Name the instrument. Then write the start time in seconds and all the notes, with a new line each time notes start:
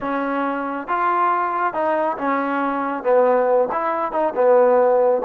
trombone
0.01 C#4
0.87 F4
1.73 D#4
2.17 C#4
3.03 B3
3.72 E4
4.11 D#4
4.35 B3